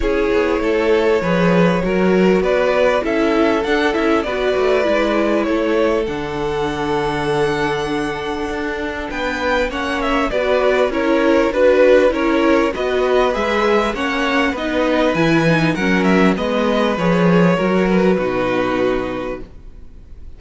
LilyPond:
<<
  \new Staff \with { instrumentName = "violin" } { \time 4/4 \tempo 4 = 99 cis''1 | d''4 e''4 fis''8 e''8 d''4~ | d''4 cis''4 fis''2~ | fis''2. g''4 |
fis''8 e''8 d''4 cis''4 b'4 | cis''4 dis''4 e''4 fis''4 | dis''4 gis''4 fis''8 e''8 dis''4 | cis''4. b'2~ b'8 | }
  \new Staff \with { instrumentName = "violin" } { \time 4/4 gis'4 a'4 b'4 ais'4 | b'4 a'2 b'4~ | b'4 a'2.~ | a'2. b'4 |
cis''4 b'4 ais'4 b'4 | ais'4 b'2 cis''4 | b'2 ais'4 b'4~ | b'4 ais'4 fis'2 | }
  \new Staff \with { instrumentName = "viola" } { \time 4/4 e'2 gis'4 fis'4~ | fis'4 e'4 d'8 e'8 fis'4 | e'2 d'2~ | d'1 |
cis'4 fis'4 e'4 fis'4 | e'4 fis'4 gis'4 cis'4 | dis'4 e'8 dis'8 cis'4 b4 | gis'4 fis'4 dis'2 | }
  \new Staff \with { instrumentName = "cello" } { \time 4/4 cis'8 b8 a4 f4 fis4 | b4 cis'4 d'8 cis'8 b8 a8 | gis4 a4 d2~ | d2 d'4 b4 |
ais4 b4 cis'4 d'4 | cis'4 b4 gis4 ais4 | b4 e4 fis4 gis4 | f4 fis4 b,2 | }
>>